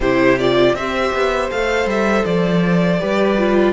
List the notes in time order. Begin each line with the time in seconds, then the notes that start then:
0.00 C3 E4 G4 C5
0.38 F4 D5
0.74 C4 G4 C5 E5
1.13 B3
1.50 A3 A4 F5
1.85 G3 E5
2.25 F3 D5
2.99 G3 G4 B4
3.38 F4